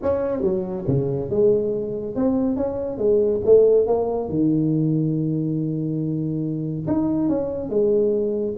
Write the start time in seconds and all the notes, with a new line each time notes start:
0.02 C#4
0.41 F#3
0.87 C#3
1.30 G#3
2.15 C4
2.56 C#4
2.98 G#3
3.45 A3
3.86 A#3
4.29 D#3
6.87 D#4
7.29 C#4
7.69 G#3